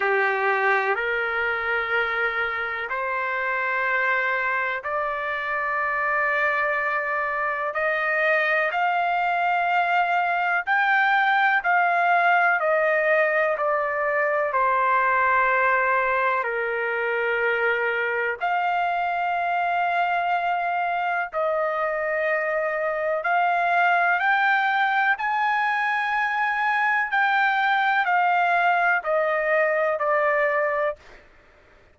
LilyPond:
\new Staff \with { instrumentName = "trumpet" } { \time 4/4 \tempo 4 = 62 g'4 ais'2 c''4~ | c''4 d''2. | dis''4 f''2 g''4 | f''4 dis''4 d''4 c''4~ |
c''4 ais'2 f''4~ | f''2 dis''2 | f''4 g''4 gis''2 | g''4 f''4 dis''4 d''4 | }